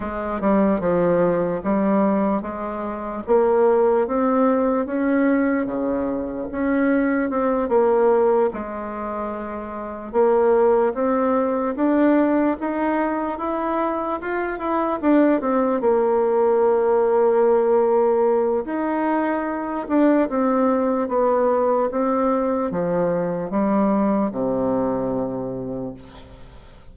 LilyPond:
\new Staff \with { instrumentName = "bassoon" } { \time 4/4 \tempo 4 = 74 gis8 g8 f4 g4 gis4 | ais4 c'4 cis'4 cis4 | cis'4 c'8 ais4 gis4.~ | gis8 ais4 c'4 d'4 dis'8~ |
dis'8 e'4 f'8 e'8 d'8 c'8 ais8~ | ais2. dis'4~ | dis'8 d'8 c'4 b4 c'4 | f4 g4 c2 | }